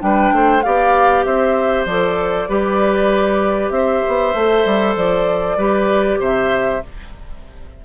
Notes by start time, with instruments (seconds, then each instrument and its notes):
0.00 bassoon G3, clarinet D4, oboe B4, flute G5
0.32 bassoon A3, oboe C5
0.62 bassoon B3, clarinet G4, oboe D5, flute F5
1.24 bassoon C4, oboe C5, flute E5
1.86 bassoon F3, clarinet A4, flute D5
2.48 bassoon G3, clarinet G4, oboe B4
3.70 bassoon C4, oboe C5, flute E5
4.08 bassoon B3
4.34 bassoon A3, clarinet A4
4.65 bassoon G3
4.96 bassoon F3, flute D5
5.57 bassoon G3, clarinet G4, oboe B4
6.19 bassoon C3, oboe C5, flute E5